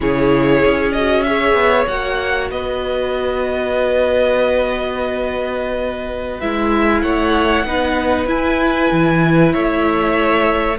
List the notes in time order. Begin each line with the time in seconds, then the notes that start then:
0.00 C#3 E4 G#4 C#5
0.65 C#4
0.92 F#4 D#5
1.22 G#4 C#5 E5
1.54 B3
1.87 A#3 F#4 F#5
2.50 B3 B4 D#5
6.40 G#3 E4 E5
7.01 A3 C#5 F#5
7.64 B3 D#4 B4
8.26 E4 G#5
8.91 E3
9.52 A3 C#5 E5